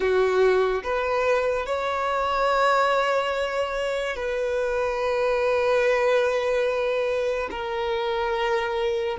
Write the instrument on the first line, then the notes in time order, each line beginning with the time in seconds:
violin
0.00 F#4
0.83 B4
1.66 C#5
4.16 B4
7.50 A#4